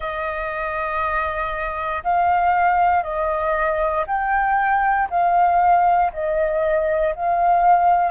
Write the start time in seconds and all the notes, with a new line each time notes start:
0.00 D#5
2.03 F5
3.03 D#5
4.07 G5
5.09 F5
6.12 D#5
7.15 F5